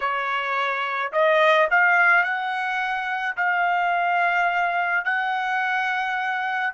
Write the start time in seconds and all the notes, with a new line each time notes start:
0.00 C#5
1.12 D#5
1.70 F5
2.23 F#5
3.36 F5
5.04 F#5